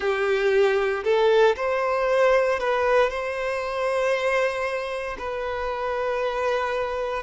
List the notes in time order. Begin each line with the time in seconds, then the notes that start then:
0.00 G4
1.03 A4
1.56 C5
2.59 B4
3.09 C5
5.18 B4